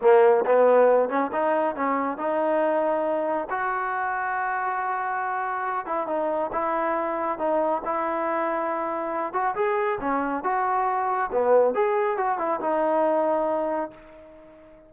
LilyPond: \new Staff \with { instrumentName = "trombone" } { \time 4/4 \tempo 4 = 138 ais4 b4. cis'8 dis'4 | cis'4 dis'2. | fis'1~ | fis'4. e'8 dis'4 e'4~ |
e'4 dis'4 e'2~ | e'4. fis'8 gis'4 cis'4 | fis'2 b4 gis'4 | fis'8 e'8 dis'2. | }